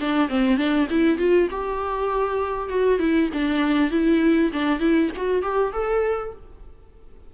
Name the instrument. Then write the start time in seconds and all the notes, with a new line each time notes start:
viola
0.00 D4
0.29 C4
0.57 D4
0.90 E4
1.18 F4
1.50 G4
2.69 F#4
2.99 E4
3.33 D4
3.91 E4
4.53 D4
4.80 E4
5.16 F#4
5.42 G4
5.72 A4